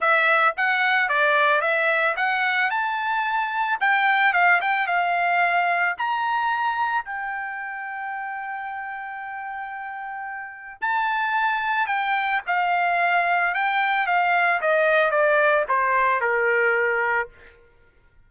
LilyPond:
\new Staff \with { instrumentName = "trumpet" } { \time 4/4 \tempo 4 = 111 e''4 fis''4 d''4 e''4 | fis''4 a''2 g''4 | f''8 g''8 f''2 ais''4~ | ais''4 g''2.~ |
g''1 | a''2 g''4 f''4~ | f''4 g''4 f''4 dis''4 | d''4 c''4 ais'2 | }